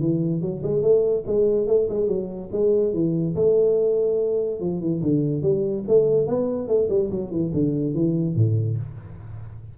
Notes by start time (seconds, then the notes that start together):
0.00 E3
0.41 F#3
0.63 G#3
0.82 A3
1.27 G#3
1.67 A3
1.89 G#3
2.08 F#3
2.52 G#3
2.93 E3
3.35 A3
4.60 F3
4.81 E3
5.02 D3
5.42 G3
5.88 A3
6.27 B3
6.68 A3
6.89 G3
7.11 F#3
7.31 E3
7.54 D3
7.94 E3
8.36 A2